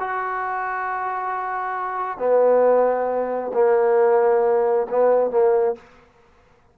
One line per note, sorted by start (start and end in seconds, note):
0.00 2.18 F#4
2.18 3.52 B3
3.54 4.87 A#3
4.90 5.31 B3
5.31 5.75 A#3